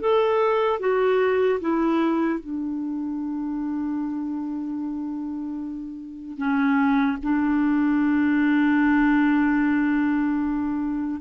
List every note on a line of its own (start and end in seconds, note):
0.00 0.80 A4
0.80 1.60 F#4
1.60 2.40 E4
2.40 6.37 D4
6.37 7.17 C#4
7.23 11.21 D4